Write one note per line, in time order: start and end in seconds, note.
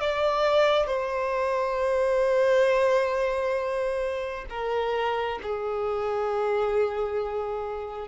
0.00 0.86 D5
0.86 4.45 C5
4.49 5.39 A#4
5.42 8.08 G#4